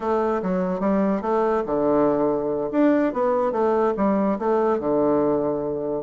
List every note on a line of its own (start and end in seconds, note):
0.00 0.41 A3
0.42 0.80 F#3
0.80 1.21 G3
1.21 1.63 A3
1.66 2.70 D3
2.71 3.13 D4
3.13 3.52 B3
3.52 3.93 A3
3.96 4.38 G3
4.39 4.79 A3
4.79 6.03 D3